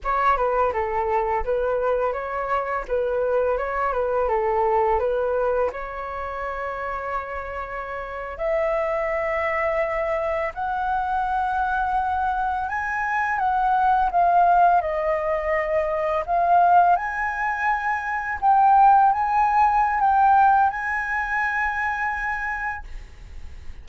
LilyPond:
\new Staff \with { instrumentName = "flute" } { \time 4/4 \tempo 4 = 84 cis''8 b'8 a'4 b'4 cis''4 | b'4 cis''8 b'8 a'4 b'4 | cis''2.~ cis''8. e''16~ | e''2~ e''8. fis''4~ fis''16~ |
fis''4.~ fis''16 gis''4 fis''4 f''16~ | f''8. dis''2 f''4 gis''16~ | gis''4.~ gis''16 g''4 gis''4~ gis''16 | g''4 gis''2. | }